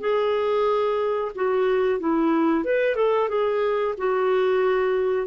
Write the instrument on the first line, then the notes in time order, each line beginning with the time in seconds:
clarinet
0.00 G#4
1.35 F#4
2.00 E4
2.65 B4
2.96 A4
3.29 G#4
3.98 F#4